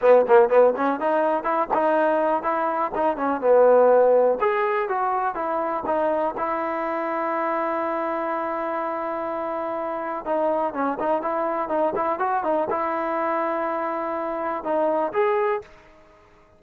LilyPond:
\new Staff \with { instrumentName = "trombone" } { \time 4/4 \tempo 4 = 123 b8 ais8 b8 cis'8 dis'4 e'8 dis'8~ | dis'4 e'4 dis'8 cis'8 b4~ | b4 gis'4 fis'4 e'4 | dis'4 e'2.~ |
e'1~ | e'4 dis'4 cis'8 dis'8 e'4 | dis'8 e'8 fis'8 dis'8 e'2~ | e'2 dis'4 gis'4 | }